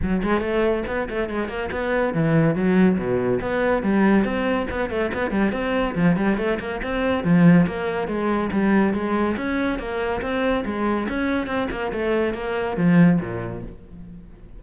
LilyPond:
\new Staff \with { instrumentName = "cello" } { \time 4/4 \tempo 4 = 141 fis8 gis8 a4 b8 a8 gis8 ais8 | b4 e4 fis4 b,4 | b4 g4 c'4 b8 a8 | b8 g8 c'4 f8 g8 a8 ais8 |
c'4 f4 ais4 gis4 | g4 gis4 cis'4 ais4 | c'4 gis4 cis'4 c'8 ais8 | a4 ais4 f4 ais,4 | }